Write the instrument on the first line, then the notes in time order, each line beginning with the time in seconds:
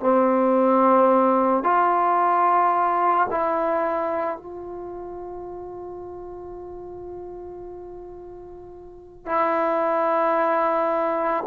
trombone
0.00 C4
1.63 F4
3.30 E4
4.37 F4
9.25 E4